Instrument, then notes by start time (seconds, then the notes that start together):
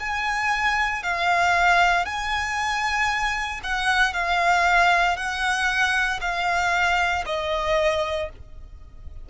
violin
0.00 G#5
1.03 F5
2.05 G#5
3.63 F#5
4.14 F5
5.17 F#5
6.21 F5
7.26 D#5